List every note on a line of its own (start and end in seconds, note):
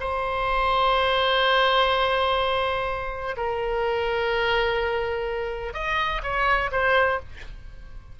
0.00 3.36 C5
3.37 5.74 A#4
5.74 6.22 D#5
6.23 6.71 C#5
6.71 7.20 C5